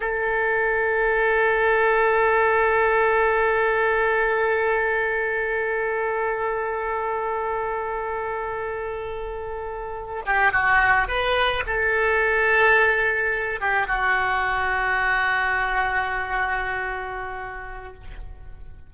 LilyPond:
\new Staff \with { instrumentName = "oboe" } { \time 4/4 \tempo 4 = 107 a'1~ | a'1~ | a'1~ | a'1~ |
a'2~ a'16 g'8 fis'4 b'16~ | b'8. a'2.~ a'16~ | a'16 g'8 fis'2.~ fis'16~ | fis'1 | }